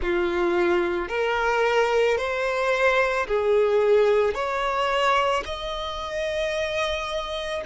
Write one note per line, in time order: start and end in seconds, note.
0.01 1.08 F4
1.08 2.17 A#4
2.17 3.26 C5
3.27 4.34 G#4
4.34 5.43 C#5
5.45 7.63 D#5